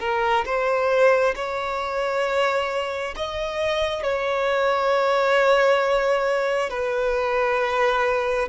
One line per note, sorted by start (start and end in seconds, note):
0.00 0.45 A#4
0.45 1.35 C5
1.36 3.15 C#5
3.16 4.03 D#5
4.03 6.70 C#5
6.70 8.49 B4